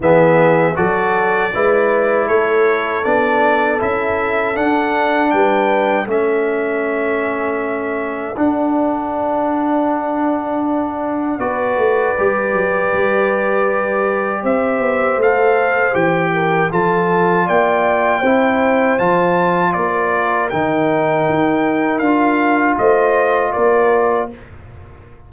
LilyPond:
<<
  \new Staff \with { instrumentName = "trumpet" } { \time 4/4 \tempo 4 = 79 e''4 d''2 cis''4 | d''4 e''4 fis''4 g''4 | e''2. fis''4~ | fis''2. d''4~ |
d''2. e''4 | f''4 g''4 a''4 g''4~ | g''4 a''4 d''4 g''4~ | g''4 f''4 dis''4 d''4 | }
  \new Staff \with { instrumentName = "horn" } { \time 4/4 gis'4 a'4 b'4 a'4~ | a'2. b'4 | a'1~ | a'2. b'4~ |
b'2. c''4~ | c''4. ais'8 a'4 d''4 | c''2 ais'2~ | ais'2 c''4 ais'4 | }
  \new Staff \with { instrumentName = "trombone" } { \time 4/4 b4 fis'4 e'2 | d'4 e'4 d'2 | cis'2. d'4~ | d'2. fis'4 |
g'1 | a'4 g'4 f'2 | e'4 f'2 dis'4~ | dis'4 f'2. | }
  \new Staff \with { instrumentName = "tuba" } { \time 4/4 e4 fis4 gis4 a4 | b4 cis'4 d'4 g4 | a2. d'4~ | d'2. b8 a8 |
g8 fis8 g2 c'8 b8 | a4 e4 f4 ais4 | c'4 f4 ais4 dis4 | dis'4 d'4 a4 ais4 | }
>>